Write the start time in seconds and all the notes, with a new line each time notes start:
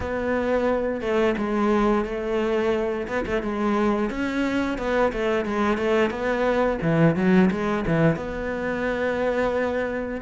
0.00 B3
1.01 A3
1.37 G#3
2.05 A3
3.07 B3
3.25 A3
3.42 G#3
4.10 C#4
4.78 B3
5.12 A3
5.45 G#3
5.77 A3
6.10 B3
6.82 E3
7.15 F#3
7.50 G#3
7.87 E3
8.16 B3